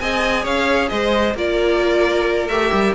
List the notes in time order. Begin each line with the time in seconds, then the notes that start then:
0.00 C4 G#4 D#5 G#5
0.43 C#4 C#5 F5
0.89 G#3 C5 D#5
1.35 A#3 F4 A#4 D5
2.48 A3 G4 E5
2.73 G3